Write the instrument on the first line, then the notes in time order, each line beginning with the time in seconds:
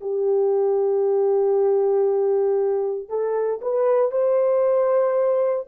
horn
0.00 G4
3.08 A4
3.61 B4
4.11 C5